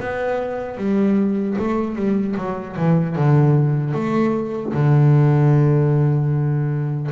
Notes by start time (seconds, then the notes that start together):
0.00 B3
0.78 G3
1.58 A3
1.96 G3
2.36 F#3
2.76 E3
3.16 D3
3.94 A3
4.74 D3